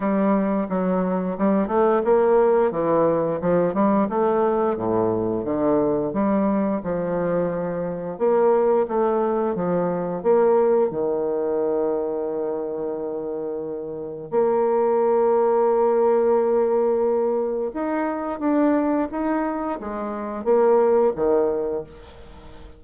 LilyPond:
\new Staff \with { instrumentName = "bassoon" } { \time 4/4 \tempo 4 = 88 g4 fis4 g8 a8 ais4 | e4 f8 g8 a4 a,4 | d4 g4 f2 | ais4 a4 f4 ais4 |
dis1~ | dis4 ais2.~ | ais2 dis'4 d'4 | dis'4 gis4 ais4 dis4 | }